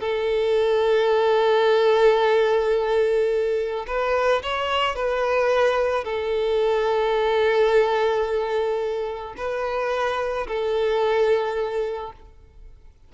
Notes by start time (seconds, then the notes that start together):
0.00 A4
3.87 B4
4.42 C#5
4.95 B4
6.04 A4
9.37 B4
10.47 A4